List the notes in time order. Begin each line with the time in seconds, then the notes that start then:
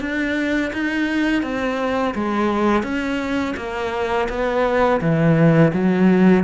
0.00 D4
0.73 D#4
1.43 C4
2.14 G#3
2.83 C#4
3.56 A#3
4.29 B3
5.01 E3
5.73 F#3